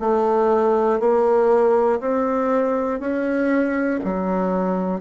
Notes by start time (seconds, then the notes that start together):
0.00 A3
1.00 A#3
2.00 C4
3.00 C#4
4.04 F#3